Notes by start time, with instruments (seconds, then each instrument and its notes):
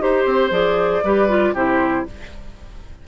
0.00 bassoon D#4, clarinet G4, flute C5, oboe C5
0.25 bassoon C4
0.51 bassoon F3, clarinet G#4, flute D5
1.04 bassoon G3, clarinet G4, oboe B4
1.29 clarinet F4
1.53 bassoon C3, clarinet E4, oboe G4, flute C5